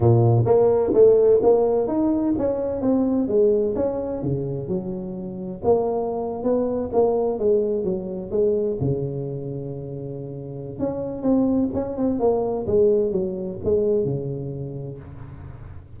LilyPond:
\new Staff \with { instrumentName = "tuba" } { \time 4/4 \tempo 4 = 128 ais,4 ais4 a4 ais4 | dis'4 cis'4 c'4 gis4 | cis'4 cis4 fis2 | ais4.~ ais16 b4 ais4 gis16~ |
gis8. fis4 gis4 cis4~ cis16~ | cis2. cis'4 | c'4 cis'8 c'8 ais4 gis4 | fis4 gis4 cis2 | }